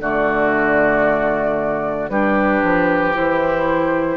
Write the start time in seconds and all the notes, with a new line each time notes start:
0.00 D3 A3 F#4 D5
2.10 G3 D4 G4 B4
2.63 F3
3.14 E3 E4 C5